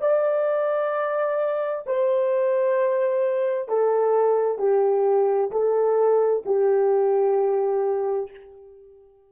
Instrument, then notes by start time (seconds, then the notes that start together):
horn
0.00 D5
1.86 C5
3.68 A4
4.58 G4
5.51 A4
6.45 G4